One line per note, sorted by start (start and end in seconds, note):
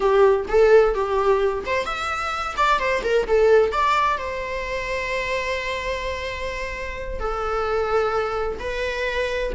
0.00 0.46 G4
0.48 0.94 A4
0.94 1.64 G4
1.66 1.85 C5
1.85 2.55 E5
2.56 2.79 D5
2.79 3.02 C5
3.03 3.26 A#4
3.27 3.72 A4
3.72 4.17 D5
4.17 7.19 C5
7.19 8.58 A4
8.59 9.52 B4